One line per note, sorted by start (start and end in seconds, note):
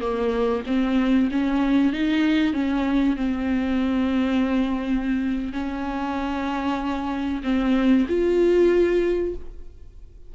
0.00 0.63 A#3
0.66 1.29 C4
1.31 1.92 C#4
1.92 2.53 D#4
2.53 3.16 C#4
3.16 5.52 C4
5.52 7.42 C#4
7.43 8.06 C4
8.08 9.34 F4